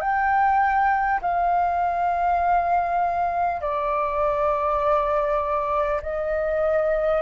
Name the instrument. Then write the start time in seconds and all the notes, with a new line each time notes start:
flute
0.00 G5
1.21 F5
3.61 D5
6.02 D#5